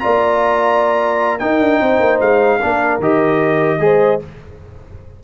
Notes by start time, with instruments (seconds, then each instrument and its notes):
0.00 tuba A#3, trombone F4, horn D5, trumpet A#5
1.39 trombone D#4, tuba D#4, horn A#4, trumpet G5
1.60 tuba D4
1.81 tuba C4, horn C5
2.00 tuba A#3
2.20 tuba G#3, trumpet F5
2.59 tuba A#3, trombone D4, horn A#4
3.00 tuba D#3, trombone G4, trumpet D#5
3.80 tuba G#3, trombone G#4, horn C5